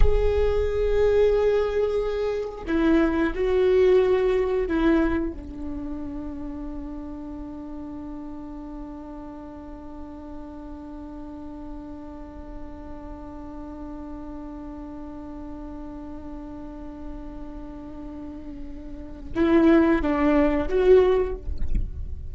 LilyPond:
\new Staff \with { instrumentName = "viola" } { \time 4/4 \tempo 4 = 90 gis'1 | e'4 fis'2 e'4 | d'1~ | d'1~ |
d'1~ | d'1~ | d'1~ | d'4 e'4 d'4 fis'4 | }